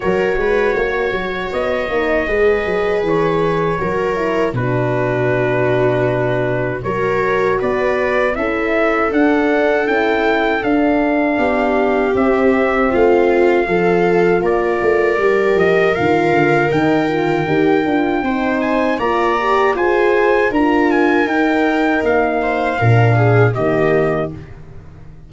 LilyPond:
<<
  \new Staff \with { instrumentName = "trumpet" } { \time 4/4 \tempo 4 = 79 cis''2 dis''2 | cis''2 b'2~ | b'4 cis''4 d''4 e''4 | fis''4 g''4 f''2 |
e''4 f''2 d''4~ | d''8 dis''8 f''4 g''2~ | g''8 gis''8 ais''4 gis''4 ais''8 gis''8 | g''4 f''2 dis''4 | }
  \new Staff \with { instrumentName = "viola" } { \time 4/4 ais'8 b'8 cis''2 b'4~ | b'4 ais'4 fis'2~ | fis'4 ais'4 b'4 a'4~ | a'2. g'4~ |
g'4 f'4 a'4 ais'4~ | ais'1 | c''4 d''4 c''4 ais'4~ | ais'4. c''8 ais'8 gis'8 g'4 | }
  \new Staff \with { instrumentName = "horn" } { \time 4/4 fis'2~ fis'8 dis'8 gis'4~ | gis'4 fis'8 e'8 d'2~ | d'4 fis'2 e'4 | d'4 e'4 d'2 |
c'2 f'2 | g'4 f'4 dis'8 f'8 g'8 f'8 | dis'4 f'8 g'8 gis'4 f'4 | dis'2 d'4 ais4 | }
  \new Staff \with { instrumentName = "tuba" } { \time 4/4 fis8 gis8 ais8 fis8 b8 ais8 gis8 fis8 | e4 fis4 b,2~ | b,4 fis4 b4 cis'4 | d'4 cis'4 d'4 b4 |
c'4 a4 f4 ais8 a8 | g8 f8 dis8 d8 dis4 dis'8 d'8 | c'4 ais4 f'4 d'4 | dis'4 ais4 ais,4 dis4 | }
>>